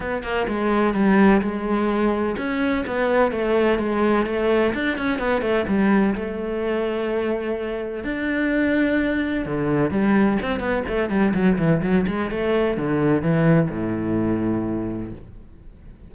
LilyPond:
\new Staff \with { instrumentName = "cello" } { \time 4/4 \tempo 4 = 127 b8 ais8 gis4 g4 gis4~ | gis4 cis'4 b4 a4 | gis4 a4 d'8 cis'8 b8 a8 | g4 a2.~ |
a4 d'2. | d4 g4 c'8 b8 a8 g8 | fis8 e8 fis8 gis8 a4 d4 | e4 a,2. | }